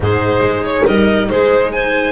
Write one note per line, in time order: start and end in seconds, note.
0.00 0.39 G#2
0.00 2.12 D#4
0.00 0.84 G#4
0.00 0.64 C5
0.39 0.82 G#3
0.64 0.86 C#5
0.84 1.30 G3
0.84 1.27 A#4
0.84 1.29 D#5
1.29 2.12 G#3
1.29 1.72 G#4
1.29 1.72 C5
1.72 2.12 C5
1.72 2.12 G#5